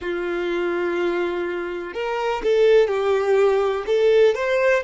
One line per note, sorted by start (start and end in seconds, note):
0.01 1.93 F4
1.93 2.41 A#4
2.43 2.87 A4
2.87 3.84 G4
3.86 4.34 A4
4.34 4.83 C5